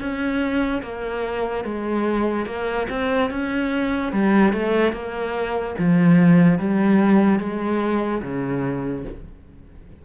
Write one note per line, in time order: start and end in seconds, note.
0.00 0.82 C#4
0.82 1.64 A#3
1.64 2.46 G#3
2.46 2.87 A#3
2.90 3.31 C4
3.31 4.12 C#4
4.12 4.52 G3
4.52 4.93 A3
4.93 5.75 A#3
5.78 6.59 F3
6.59 7.39 G3
7.39 8.22 G#3
8.22 9.04 C#3